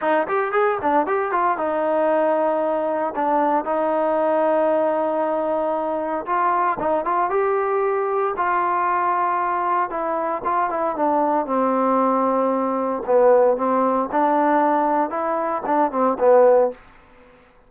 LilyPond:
\new Staff \with { instrumentName = "trombone" } { \time 4/4 \tempo 4 = 115 dis'8 g'8 gis'8 d'8 g'8 f'8 dis'4~ | dis'2 d'4 dis'4~ | dis'1 | f'4 dis'8 f'8 g'2 |
f'2. e'4 | f'8 e'8 d'4 c'2~ | c'4 b4 c'4 d'4~ | d'4 e'4 d'8 c'8 b4 | }